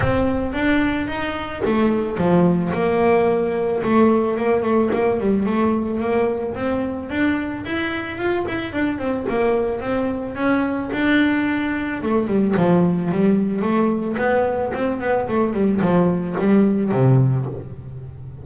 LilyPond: \new Staff \with { instrumentName = "double bass" } { \time 4/4 \tempo 4 = 110 c'4 d'4 dis'4 a4 | f4 ais2 a4 | ais8 a8 ais8 g8 a4 ais4 | c'4 d'4 e'4 f'8 e'8 |
d'8 c'8 ais4 c'4 cis'4 | d'2 a8 g8 f4 | g4 a4 b4 c'8 b8 | a8 g8 f4 g4 c4 | }